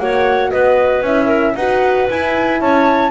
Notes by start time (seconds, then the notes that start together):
0.00 A#3 F#4 C#5 F#5
0.51 B3 B4 D#5
1.02 C#4 E4 E5
1.26 A#4
1.56 D#4 F#4 B4 F#5
2.10 E4 G#5
2.61 C#4 C#5 A5